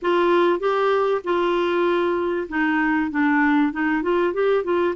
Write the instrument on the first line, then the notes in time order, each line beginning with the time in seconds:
clarinet
0.01 F4
0.59 G4
1.24 F4
2.49 D#4
3.11 D4
3.72 D#4
4.02 F4
4.33 G4
4.64 F4